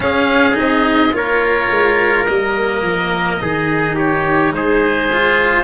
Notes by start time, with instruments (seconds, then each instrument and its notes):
0.00 cello C#4, tuba C#4, trumpet G#4, oboe F5
0.53 tuba C4, cello D#4, oboe D#5
1.12 tuba A#3, cello F4, trumpet A#4, oboe C#5
1.70 tuba G#3
2.25 tuba G3, cello A#3, oboe D#5
2.82 tuba F3
3.40 tuba D#3, cello D#4, trumpet G#4
3.95 trumpet G4, oboe C#5
4.51 tuba G#3, trumpet G#4, oboe C5
5.12 cello F4